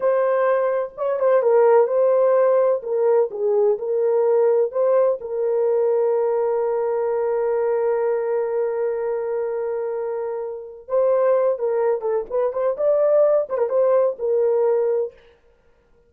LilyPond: \new Staff \with { instrumentName = "horn" } { \time 4/4 \tempo 4 = 127 c''2 cis''8 c''8 ais'4 | c''2 ais'4 gis'4 | ais'2 c''4 ais'4~ | ais'1~ |
ais'1~ | ais'2. c''4~ | c''8 ais'4 a'8 b'8 c''8 d''4~ | d''8 c''16 ais'16 c''4 ais'2 | }